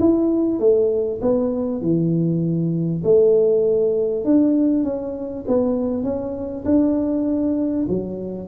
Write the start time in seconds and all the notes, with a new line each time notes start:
0.00 E4
0.60 A3
1.22 B3
1.82 E3
3.04 A3
4.25 D4
4.84 C#4
5.48 B3
6.04 C#4
6.65 D4
7.88 F#3